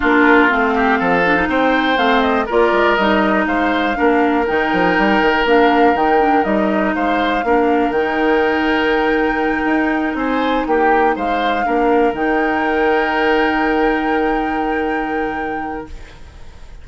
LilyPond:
<<
  \new Staff \with { instrumentName = "flute" } { \time 4/4 \tempo 4 = 121 ais'4 f''2 g''4 | f''8 dis''8 d''4 dis''4 f''4~ | f''4 g''2 f''4 | g''4 dis''4 f''2 |
g''1~ | g''8 gis''4 g''4 f''4.~ | f''8 g''2.~ g''8~ | g''1 | }
  \new Staff \with { instrumentName = "oboe" } { \time 4/4 f'4. g'8 a'4 c''4~ | c''4 ais'2 c''4 | ais'1~ | ais'2 c''4 ais'4~ |
ais'1~ | ais'8 c''4 g'4 c''4 ais'8~ | ais'1~ | ais'1 | }
  \new Staff \with { instrumentName = "clarinet" } { \time 4/4 d'4 c'4. d'16 dis'4~ dis'16 | c'4 f'4 dis'2 | d'4 dis'2 d'4 | dis'8 d'8 dis'2 d'4 |
dis'1~ | dis'2.~ dis'8 d'8~ | d'8 dis'2.~ dis'8~ | dis'1 | }
  \new Staff \with { instrumentName = "bassoon" } { \time 4/4 ais4 a4 f4 c'4 | a4 ais8 gis8 g4 gis4 | ais4 dis8 f8 g8 dis8 ais4 | dis4 g4 gis4 ais4 |
dis2.~ dis8 dis'8~ | dis'8 c'4 ais4 gis4 ais8~ | ais8 dis2.~ dis8~ | dis1 | }
>>